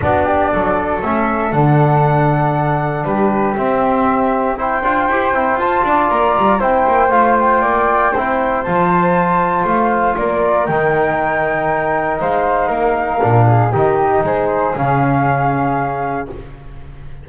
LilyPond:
<<
  \new Staff \with { instrumentName = "flute" } { \time 4/4 \tempo 4 = 118 d''2 e''4 fis''4~ | fis''2 b'4 e''4~ | e''4 g''2 a''4 | ais''4 g''4 f''8 g''4.~ |
g''4 a''2 f''4 | d''4 g''2. | f''2. dis''4 | c''4 f''2. | }
  \new Staff \with { instrumentName = "flute" } { \time 4/4 fis'8 g'8 a'2.~ | a'2 g'2~ | g'4 c''2~ c''8 d''8~ | d''4 c''2 d''4 |
c''1 | ais'1 | c''4 ais'4. gis'8 g'4 | gis'1 | }
  \new Staff \with { instrumentName = "trombone" } { \time 4/4 d'2 cis'4 d'4~ | d'2. c'4~ | c'4 e'8 f'8 g'8 e'8 f'4~ | f'4 e'4 f'2 |
e'4 f'2.~ | f'4 dis'2.~ | dis'2 d'4 dis'4~ | dis'4 cis'2. | }
  \new Staff \with { instrumentName = "double bass" } { \time 4/4 b4 fis4 a4 d4~ | d2 g4 c'4~ | c'4. d'8 e'8 c'8 f'8 d'8 | ais8 g8 c'8 ais8 a4 ais4 |
c'4 f2 a4 | ais4 dis2. | gis4 ais4 ais,4 dis4 | gis4 cis2. | }
>>